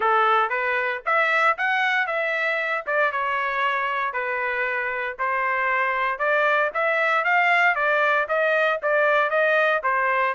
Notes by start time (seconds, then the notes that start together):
0.00 A4
0.49 B4
1.05 E5
1.57 F#5
2.07 E5
2.86 D5
3.12 C#5
4.13 B4
5.18 C5
6.18 D5
6.74 E5
7.24 F5
7.75 D5
8.28 D#5
8.82 D5
9.29 D#5
9.83 C5